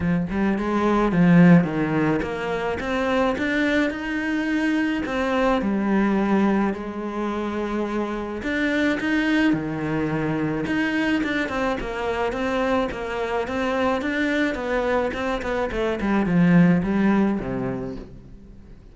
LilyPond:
\new Staff \with { instrumentName = "cello" } { \time 4/4 \tempo 4 = 107 f8 g8 gis4 f4 dis4 | ais4 c'4 d'4 dis'4~ | dis'4 c'4 g2 | gis2. d'4 |
dis'4 dis2 dis'4 | d'8 c'8 ais4 c'4 ais4 | c'4 d'4 b4 c'8 b8 | a8 g8 f4 g4 c4 | }